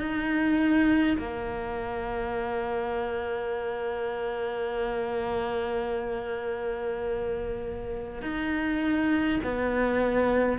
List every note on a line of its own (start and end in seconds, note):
0.00 1.18 D#4
1.18 8.22 A#3
8.22 9.40 D#4
9.44 10.59 B3